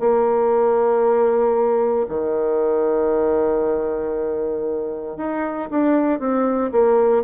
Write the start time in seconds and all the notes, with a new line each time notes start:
0.00 A#3
2.09 D#3
5.17 D#4
5.71 D4
6.20 C4
6.72 A#3